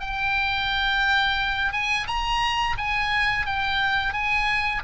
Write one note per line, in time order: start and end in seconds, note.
0.00 1.72 G5
1.72 2.07 G#5
2.07 2.76 A#5
2.77 3.46 G#5
3.46 4.13 G5
4.13 4.82 G#5